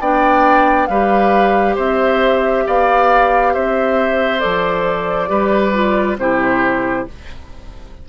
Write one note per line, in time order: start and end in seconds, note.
0.00 0.88 B3
0.00 0.89 D4
0.00 0.89 D5
0.00 0.87 G5
0.87 1.77 G3
0.87 4.39 G4
0.87 1.75 B4
0.87 1.75 F5
1.75 2.65 C4
1.75 2.63 C5
1.75 2.67 E5
2.67 3.55 B3
2.67 3.53 D5
2.67 3.54 F5
3.53 4.43 C4
3.53 5.29 C5
3.53 4.39 E5
4.39 5.30 F3
4.39 5.28 A4
4.39 6.16 D5
5.28 6.17 G3
5.28 5.72 G4
5.28 6.18 B4
5.73 6.17 F4
6.17 7.05 C3
6.17 7.08 E4
6.17 7.09 G4
6.17 7.07 C5